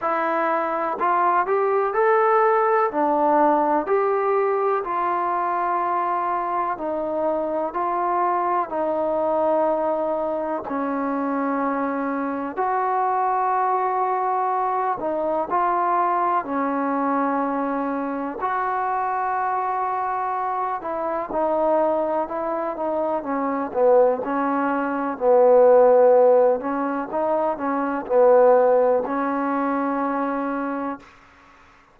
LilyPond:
\new Staff \with { instrumentName = "trombone" } { \time 4/4 \tempo 4 = 62 e'4 f'8 g'8 a'4 d'4 | g'4 f'2 dis'4 | f'4 dis'2 cis'4~ | cis'4 fis'2~ fis'8 dis'8 |
f'4 cis'2 fis'4~ | fis'4. e'8 dis'4 e'8 dis'8 | cis'8 b8 cis'4 b4. cis'8 | dis'8 cis'8 b4 cis'2 | }